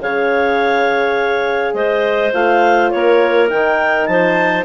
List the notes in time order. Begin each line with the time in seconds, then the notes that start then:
0.00 C#3 G#4 C#5 F5
1.73 G#3 C5 D#5
2.33 A3 F4 F5
2.90 A#3 A#4 C#5
3.48 D#3 D#4 G5
4.06 F3 C5 A5